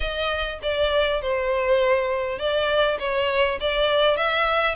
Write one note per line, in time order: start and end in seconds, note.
0.00 0.59 D#5
0.62 1.21 D5
1.21 2.38 C5
2.38 2.98 D5
2.99 3.58 C#5
3.60 4.16 D5
4.16 4.75 E5